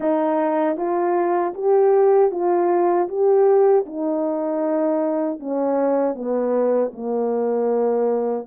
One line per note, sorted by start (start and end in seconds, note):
0.00 0.76 D#4
0.76 1.53 F4
1.54 2.31 G4
2.31 3.08 F4
3.08 3.85 G4
3.86 5.39 D#4
5.39 6.14 C#4
6.14 6.91 B3
6.93 8.47 A#3